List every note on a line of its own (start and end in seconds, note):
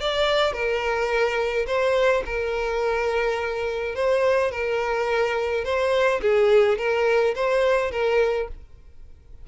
0.00 0.52 D5
0.52 1.66 A#4
1.66 2.23 C5
2.25 3.95 A#4
3.95 4.51 C5
4.51 5.64 A#4
5.64 6.21 C5
6.21 6.78 G#4
6.78 7.34 A#4
7.35 7.91 C5
7.91 8.48 A#4